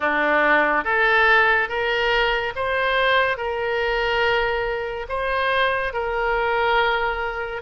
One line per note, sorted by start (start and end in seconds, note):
0.00 0.84 D4
0.84 1.68 A4
1.68 2.53 A#4
2.55 3.37 C5
3.37 5.06 A#4
5.09 5.93 C5
5.93 7.62 A#4